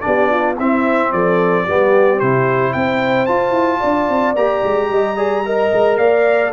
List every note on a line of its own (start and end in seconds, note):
0.00 0.58 B3
0.00 0.55 D4
0.00 0.30 G4
0.00 0.54 D5
0.30 0.57 F4
0.57 1.12 C4
0.57 1.67 C4
0.57 1.11 E4
0.57 1.12 E5
1.12 1.66 F3
1.12 1.64 A4
1.12 2.19 D5
1.64 2.21 G3
1.64 2.21 B3
1.64 2.72 G4
2.19 2.75 C3
2.19 3.27 E4
2.19 2.73 C5
2.73 3.28 C4
2.73 3.79 C5
2.73 3.25 G5
3.25 4.36 F4
3.25 3.51 F4
3.25 4.33 A5
3.51 3.78 E4
3.79 4.09 D4
3.79 4.87 D5
4.09 4.35 C4
4.35 4.62 A#3
4.35 5.16 G4
4.35 5.97 A#5
4.64 4.90 G#3
4.90 5.71 G3
4.90 5.17 D#5
5.16 5.43 G#4
5.16 5.44 D5
5.45 6.52 A#4
5.45 5.98 D#5
5.73 5.98 G#3
5.97 6.52 A#3
5.97 6.52 D5
5.97 6.51 F5